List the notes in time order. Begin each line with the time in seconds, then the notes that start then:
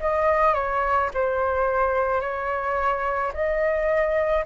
0.00 D#5
0.54 C#5
1.14 C5
2.21 C#5
3.34 D#5